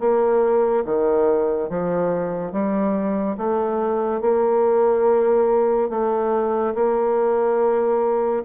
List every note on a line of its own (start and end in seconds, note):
0.00 0.85 A#3
0.85 1.69 D#3
1.69 2.52 F3
2.52 3.37 G3
3.38 4.21 A3
4.21 5.90 A#3
5.90 6.74 A3
6.75 8.44 A#3